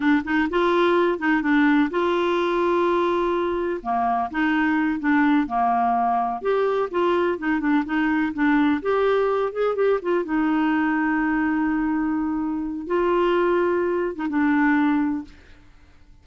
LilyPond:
\new Staff \with { instrumentName = "clarinet" } { \time 4/4 \tempo 4 = 126 d'8 dis'8 f'4. dis'8 d'4 | f'1 | ais4 dis'4. d'4 ais8~ | ais4. g'4 f'4 dis'8 |
d'8 dis'4 d'4 g'4. | gis'8 g'8 f'8 dis'2~ dis'8~ | dis'2. f'4~ | f'4.~ f'16 dis'16 d'2 | }